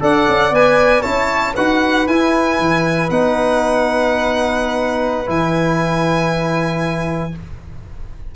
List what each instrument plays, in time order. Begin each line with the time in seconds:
0.00 tuba D4, trombone A4, flute D5, violin F#5
0.28 tuba C#4
0.50 tuba B3, trombone B4, violin G#5
1.02 tuba C#4, trombone E4, flute C#5, violin A5
1.55 tuba D#4, trombone F#4, flute B4, violin F#5
2.07 tuba E4, trombone E4, violin G#5
2.59 tuba E3
3.10 tuba B3, trombone D#4, violin F#5
5.26 tuba E3, trombone E4, violin G#5